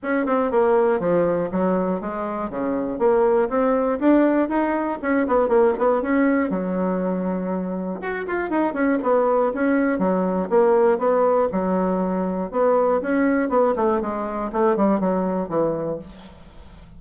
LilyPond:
\new Staff \with { instrumentName = "bassoon" } { \time 4/4 \tempo 4 = 120 cis'8 c'8 ais4 f4 fis4 | gis4 cis4 ais4 c'4 | d'4 dis'4 cis'8 b8 ais8 b8 | cis'4 fis2. |
fis'8 f'8 dis'8 cis'8 b4 cis'4 | fis4 ais4 b4 fis4~ | fis4 b4 cis'4 b8 a8 | gis4 a8 g8 fis4 e4 | }